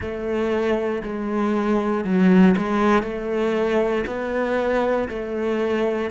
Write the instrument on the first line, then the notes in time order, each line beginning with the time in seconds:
cello
0.00 A3
1.03 G#3
2.04 F#3
2.57 G#3
3.02 A3
4.06 B3
5.08 A3